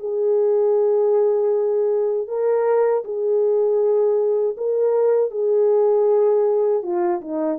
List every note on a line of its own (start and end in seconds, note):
0.00 2.28 G#4
2.28 3.04 A#4
3.04 4.56 G#4
4.57 5.31 A#4
5.31 6.83 G#4
6.83 7.21 F4
7.22 7.59 D#4